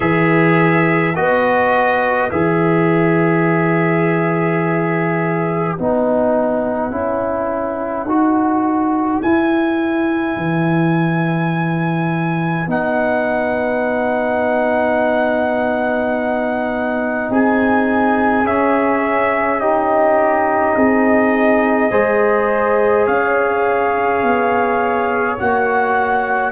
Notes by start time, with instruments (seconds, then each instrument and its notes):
0.00 tuba E3, trombone G#4, horn B4, trumpet E5
1.15 tuba B3, trombone F#4, trumpet D#5
2.31 tuba E3, trombone G#4, trumpet E5
5.76 tuba B3, trombone D#4, trumpet F#5
6.90 tuba C#4, trombone E4
8.04 tuba D#4, trombone F#4
9.22 tuba E4, trombone E4, trumpet G#5
10.37 tuba E3
12.67 tuba B3, trombone D#4, trumpet F#5
17.29 tuba C4, horn G#4, trumpet G#5
18.44 tuba C#4, trombone C#4, trumpet E5
19.60 trombone D#4, horn G4, trumpet D#5
20.75 tuba C4, horn G#4
21.91 tuba G#3, trombone G#4, horn C5
23.06 tuba C#4, horn C#5, trumpet F5
24.23 tuba B3
25.38 tuba A#3, trombone F#4, trumpet F#5